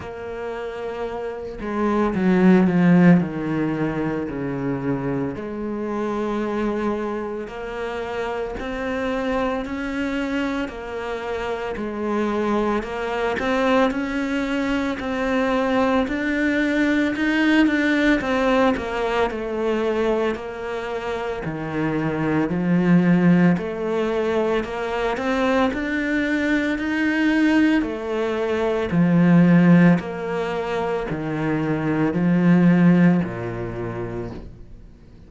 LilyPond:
\new Staff \with { instrumentName = "cello" } { \time 4/4 \tempo 4 = 56 ais4. gis8 fis8 f8 dis4 | cis4 gis2 ais4 | c'4 cis'4 ais4 gis4 | ais8 c'8 cis'4 c'4 d'4 |
dis'8 d'8 c'8 ais8 a4 ais4 | dis4 f4 a4 ais8 c'8 | d'4 dis'4 a4 f4 | ais4 dis4 f4 ais,4 | }